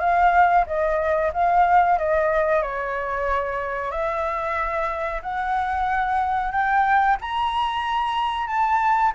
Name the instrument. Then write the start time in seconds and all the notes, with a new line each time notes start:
flute
0.00 F5
0.66 D#5
1.33 F5
1.99 D#5
2.62 C#5
3.91 E5
5.22 F#5
6.52 G5
7.21 A#5
8.47 A5